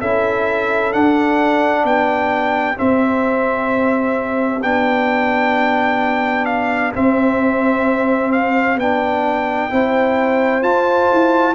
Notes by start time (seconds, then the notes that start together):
0.00 C#4 E4 A4 E5
0.93 D4 F#5
1.84 B3 G4 G5
2.76 C4 E5
4.62 B3 D4 G5
6.45 F5
6.94 C4 E5
8.32 F5
8.76 B3 D4 G5
9.70 C4 E4 C5
10.62 F4 A5
11.13 E4